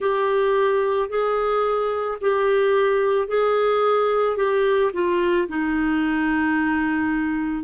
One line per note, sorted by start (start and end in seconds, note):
0.00 1.09 G4
1.09 2.18 G#4
2.21 3.28 G4
3.28 4.36 G#4
4.36 4.91 G4
4.93 5.47 F4
5.48 7.64 D#4